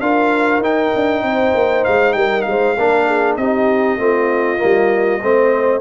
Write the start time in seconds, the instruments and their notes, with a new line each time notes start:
0.00 tuba D4, trombone F4, horn A#4, trumpet F5
0.58 tuba D#4, trombone D#4, trumpet G5
0.94 tuba D4
1.23 tuba C4, horn C5
1.54 tuba A#3
1.84 tuba G#3, trumpet F5
2.12 tuba G3, horn A#4, trumpet G5
2.41 tuba G#3, trumpet F5
2.49 horn C5
2.76 tuba A#3, trombone D4, horn A#4
3.07 horn G#4
3.36 tuba C4, trombone D#4, horn G4, trumpet D#5
3.97 tuba A3, trombone C4, horn F4
4.57 trombone A#3
4.63 tuba G3
5.22 tuba A3, trombone C4, horn C5